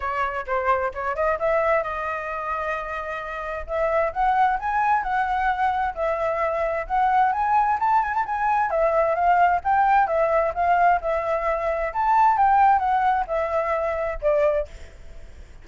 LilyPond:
\new Staff \with { instrumentName = "flute" } { \time 4/4 \tempo 4 = 131 cis''4 c''4 cis''8 dis''8 e''4 | dis''1 | e''4 fis''4 gis''4 fis''4~ | fis''4 e''2 fis''4 |
gis''4 a''8 gis''16 a''16 gis''4 e''4 | f''4 g''4 e''4 f''4 | e''2 a''4 g''4 | fis''4 e''2 d''4 | }